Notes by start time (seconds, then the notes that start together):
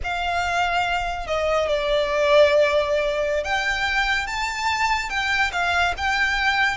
0.03 F5
1.27 D#5
1.68 D5
3.44 G5
4.27 A5
5.09 G5
5.52 F5
5.97 G5